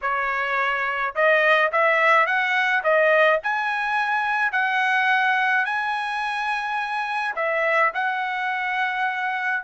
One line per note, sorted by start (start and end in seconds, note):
0.01 1.14 C#5
1.15 1.71 D#5
1.72 2.26 E5
2.26 2.83 F#5
2.83 3.40 D#5
3.43 4.52 G#5
4.52 5.65 F#5
5.65 7.35 G#5
7.35 7.92 E5
7.94 9.63 F#5